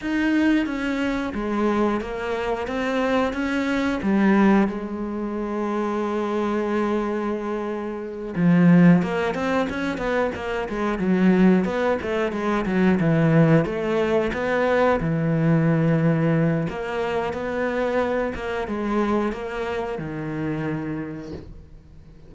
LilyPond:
\new Staff \with { instrumentName = "cello" } { \time 4/4 \tempo 4 = 90 dis'4 cis'4 gis4 ais4 | c'4 cis'4 g4 gis4~ | gis1~ | gis8 f4 ais8 c'8 cis'8 b8 ais8 |
gis8 fis4 b8 a8 gis8 fis8 e8~ | e8 a4 b4 e4.~ | e4 ais4 b4. ais8 | gis4 ais4 dis2 | }